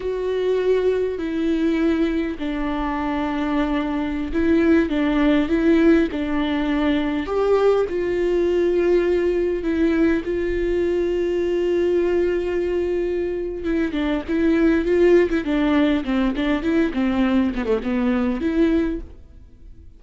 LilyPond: \new Staff \with { instrumentName = "viola" } { \time 4/4 \tempo 4 = 101 fis'2 e'2 | d'2.~ d'16 e'8.~ | e'16 d'4 e'4 d'4.~ d'16~ | d'16 g'4 f'2~ f'8.~ |
f'16 e'4 f'2~ f'8.~ | f'2. e'8 d'8 | e'4 f'8. e'16 d'4 c'8 d'8 | e'8 c'4 b16 a16 b4 e'4 | }